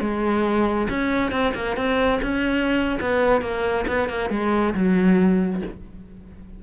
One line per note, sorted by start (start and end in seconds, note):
0.00 0.88 G#3
0.89 1.31 C#4
1.31 1.53 C4
1.54 1.76 A#3
1.76 2.20 C4
2.22 2.99 C#4
3.00 3.41 B3
3.41 3.85 A#3
3.87 4.09 B3
4.09 4.30 A#3
4.30 4.73 G#3
4.74 5.62 F#3